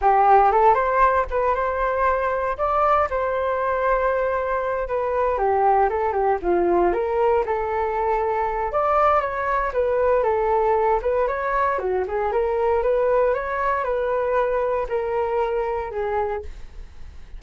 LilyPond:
\new Staff \with { instrumentName = "flute" } { \time 4/4 \tempo 4 = 117 g'4 a'8 c''4 b'8 c''4~ | c''4 d''4 c''2~ | c''4. b'4 g'4 a'8 | g'8 f'4 ais'4 a'4.~ |
a'4 d''4 cis''4 b'4 | a'4. b'8 cis''4 fis'8 gis'8 | ais'4 b'4 cis''4 b'4~ | b'4 ais'2 gis'4 | }